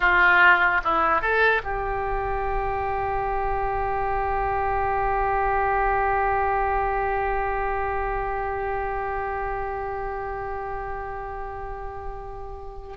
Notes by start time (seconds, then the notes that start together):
0.00 F4
0.83 E4
1.21 A4
1.63 G4